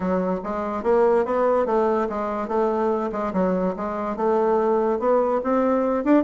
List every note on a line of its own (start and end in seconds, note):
0.00 0.40 F#3
0.43 0.83 G#3
0.83 1.25 A#3
1.25 1.66 B3
1.66 2.07 A3
2.09 2.48 G#3
2.48 3.10 A3
3.12 3.32 G#3
3.33 3.75 F#3
3.76 4.16 G#3
4.16 4.99 A3
4.99 5.40 B3
5.43 6.04 C4
6.04 6.23 D4